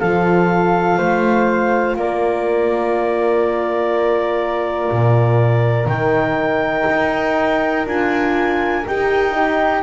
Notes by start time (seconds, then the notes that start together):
0.00 F3 F4 A4 F5
0.98 A3 C5
1.96 A#3 A#4 D5
4.92 A#2
5.87 D#3 D#4 G5
6.90 D#4
7.86 D4 F4 G#5
8.87 D#4 G4 G5
9.32 D#4 G4